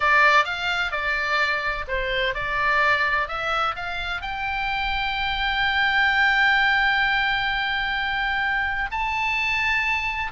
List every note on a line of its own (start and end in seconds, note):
0.00 0.44 D5
0.44 0.91 F5
0.91 1.85 D5
1.87 2.34 C5
2.34 3.28 D5
3.28 3.75 E5
3.75 4.21 F5
4.21 8.90 G5
8.91 10.31 A5